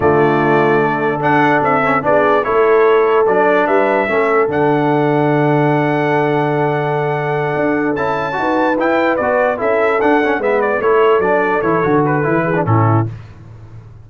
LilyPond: <<
  \new Staff \with { instrumentName = "trumpet" } { \time 4/4 \tempo 4 = 147 d''2. fis''4 | e''4 d''4 cis''2 | d''4 e''2 fis''4~ | fis''1~ |
fis''2.~ fis''8 a''8~ | a''4. g''4 d''4 e''8~ | e''8 fis''4 e''8 d''8 cis''4 d''8~ | d''8 cis''4 b'4. a'4 | }
  \new Staff \with { instrumentName = "horn" } { \time 4/4 f'2 a'2~ | a'4 gis'4 a'2~ | a'4 b'4 a'2~ | a'1~ |
a'1~ | a'8 b'2. a'8~ | a'4. b'4 a'4.~ | a'2~ a'8 gis'8 e'4 | }
  \new Staff \with { instrumentName = "trombone" } { \time 4/4 a2. d'4~ | d'8 cis'8 d'4 e'2 | d'2 cis'4 d'4~ | d'1~ |
d'2.~ d'8 e'8~ | e'8 fis'4 e'4 fis'4 e'8~ | e'8 d'8 cis'8 b4 e'4 d'8~ | d'8 e'8 fis'4 e'8. d'16 cis'4 | }
  \new Staff \with { instrumentName = "tuba" } { \time 4/4 d2. d'4 | c'4 b4 a2 | fis4 g4 a4 d4~ | d1~ |
d2~ d8 d'4 cis'8~ | cis'8 dis'4 e'4 b4 cis'8~ | cis'8 d'4 gis4 a4 fis8~ | fis8 e8 d4 e4 a,4 | }
>>